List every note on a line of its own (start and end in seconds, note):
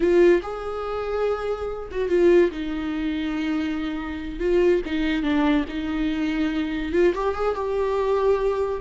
0.00 0.41 F4
0.42 1.89 G#4
1.91 2.08 F#4
2.08 2.50 F4
2.51 4.39 D#4
4.39 4.81 F4
4.85 5.22 D#4
5.22 5.64 D4
5.68 6.92 D#4
6.92 7.13 F4
7.14 7.34 G4
7.34 7.55 G#4
7.55 8.81 G4